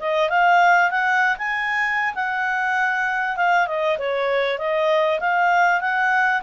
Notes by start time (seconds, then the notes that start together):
0.00 D#5
0.30 F5
0.91 F#5
1.38 G#5
2.15 F#5
3.36 F5
3.67 D#5
3.99 C#5
4.58 D#5
5.20 F5
5.81 F#5